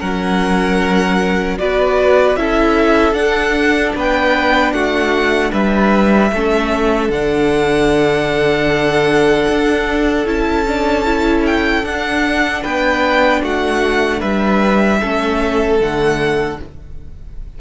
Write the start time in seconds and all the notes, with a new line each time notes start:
0.00 F#3 C#4 A#4 F#5
1.58 B3 F#4 B4 D5
2.36 C#4 E4 A4 E5
3.13 D4 F#5
3.95 B3 B4 G5
4.73 A3 F#4 F#5
5.52 G3 B4 E5
6.33 A3 C#4 A4
7.09 D3 D4 F#5
9.48 D4
10.26 C#4 E4 A5
10.68 D4
11.05 E4
11.46 G5
11.84 D4 F#5
12.63 B3 B4 G5
13.43 A3 F#4 F#5
14.19 G3 B4 E5
15.01 A3 C#4 A4
15.79 D3 A3 F#5